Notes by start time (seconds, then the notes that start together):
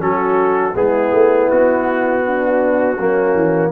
0.00 F#3 C#4 F#4 A4
0.75 G#3 B3 E4 G#4
1.13 A3
1.50 B3 F#4
2.27 D4
2.97 F#3 A#3 C#4
3.35 E3